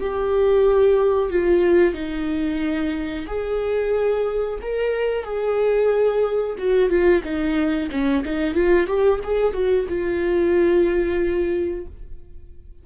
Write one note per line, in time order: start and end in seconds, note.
0.00 1.30 G4
1.30 1.94 F4
1.94 3.26 D#4
3.27 4.59 G#4
4.62 5.24 A#4
5.24 6.56 G#4
6.58 6.89 F#4
6.89 7.22 F4
7.24 7.90 D#4
7.91 8.24 C#4
8.24 8.54 D#4
8.54 8.87 F4
8.87 9.20 G4
9.24 9.53 G#4
9.53 9.86 F#4
9.89 11.87 F4